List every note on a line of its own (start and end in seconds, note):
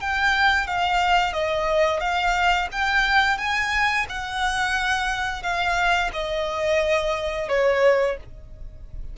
0.00 0.67 G5
0.67 1.33 F5
1.33 2.00 D#5
2.00 2.68 F5
2.72 3.38 G5
3.38 4.06 G#5
4.09 5.43 F#5
5.43 6.11 F5
6.13 7.49 D#5
7.49 8.17 C#5